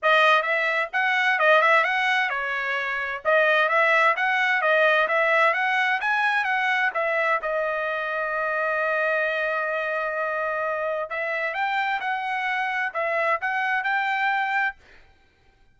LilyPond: \new Staff \with { instrumentName = "trumpet" } { \time 4/4 \tempo 4 = 130 dis''4 e''4 fis''4 dis''8 e''8 | fis''4 cis''2 dis''4 | e''4 fis''4 dis''4 e''4 | fis''4 gis''4 fis''4 e''4 |
dis''1~ | dis''1 | e''4 g''4 fis''2 | e''4 fis''4 g''2 | }